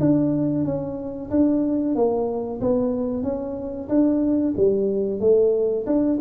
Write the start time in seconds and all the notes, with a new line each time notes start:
0.00 D4
0.64 C#4
1.30 D4
1.95 A#3
2.61 B3
3.23 C#4
3.89 D4
4.57 G3
5.20 A3
5.86 D4